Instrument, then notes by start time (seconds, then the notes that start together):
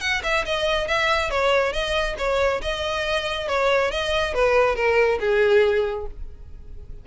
violin
0.00 F#5
0.23 E5
0.45 D#5
0.87 E5
1.30 C#5
1.72 D#5
2.18 C#5
2.61 D#5
3.47 C#5
3.91 D#5
4.34 B4
4.75 A#4
5.20 G#4